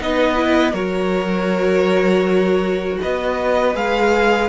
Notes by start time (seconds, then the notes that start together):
0.00 B3 D#4 B4 D#5
0.35 E4
0.73 F#3 F#4 A#4 C#5
3.01 B3 B4 D#5
3.74 G#3 G#4 F5